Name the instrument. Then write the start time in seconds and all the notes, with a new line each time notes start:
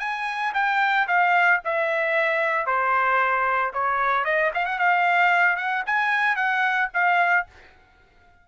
trumpet
0.00 G#5
0.55 G5
1.08 F5
1.65 E5
2.67 C5
3.74 C#5
4.25 D#5
4.55 F5
4.66 F#5
4.79 F5
5.57 F#5
5.87 G#5
6.36 F#5
6.94 F5